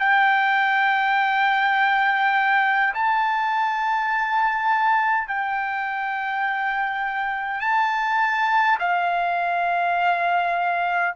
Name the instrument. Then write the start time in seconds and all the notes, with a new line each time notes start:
trumpet
0.00 G5
2.95 A5
5.28 G5
7.61 A5
8.80 F5